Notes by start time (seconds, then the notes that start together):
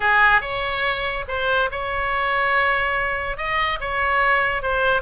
0.00 G#4
0.41 C#5
1.28 C5
1.71 C#5
3.37 D#5
3.80 C#5
4.62 C5